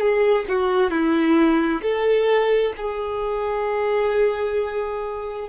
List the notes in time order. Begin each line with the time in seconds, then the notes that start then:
0.00 G#4
0.48 F#4
0.90 E4
1.82 A4
2.77 G#4